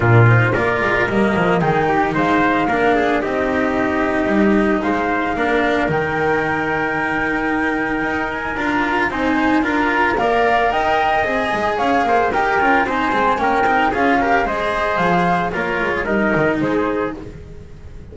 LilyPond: <<
  \new Staff \with { instrumentName = "flute" } { \time 4/4 \tempo 4 = 112 ais'8 c''8 d''4 dis''4 g''4 | f''2 dis''2~ | dis''4 f''2 g''4~ | g''2.~ g''8 gis''8 |
ais''4 gis''4 ais''4 f''4 | g''4 gis''4 f''4 g''4 | gis''4 g''4 f''4 dis''4 | f''4 cis''4 dis''4 c''4 | }
  \new Staff \with { instrumentName = "trumpet" } { \time 4/4 f'4 ais'2 gis'8 g'8 | c''4 ais'8 gis'8 g'2~ | g'4 c''4 ais'2~ | ais'1~ |
ais'4 c''4 ais'4 d''4 | dis''2 cis''8 c''8 ais'4 | c''4 ais'4 gis'8 ais'8 c''4~ | c''4 ais'8. gis'16 ais'4 gis'4 | }
  \new Staff \with { instrumentName = "cello" } { \time 4/4 d'8 dis'8 f'4 ais4 dis'4~ | dis'4 d'4 dis'2~ | dis'2 d'4 dis'4~ | dis'1 |
f'4 dis'4 f'4 ais'4~ | ais'4 gis'2 g'8 f'8 | dis'8 c'8 cis'8 dis'8 f'8 g'8 gis'4~ | gis'4 f'4 dis'2 | }
  \new Staff \with { instrumentName = "double bass" } { \time 4/4 ais,4 ais8 gis8 g8 f8 dis4 | gis4 ais4 c'2 | g4 gis4 ais4 dis4~ | dis2. dis'4 |
d'4 c'4 d'4 ais4 | dis'4 c'8 gis8 cis'8 ais8 dis'8 cis'8 | c'8 gis8 ais8 c'8 cis'4 gis4 | f4 ais8 gis8 g8 dis8 gis4 | }
>>